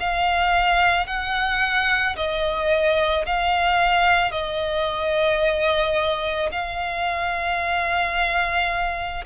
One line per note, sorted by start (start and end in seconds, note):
0.00 1.07 F5
1.07 2.16 F#5
2.17 3.26 D#5
3.26 4.32 F5
4.32 6.50 D#5
6.52 9.25 F5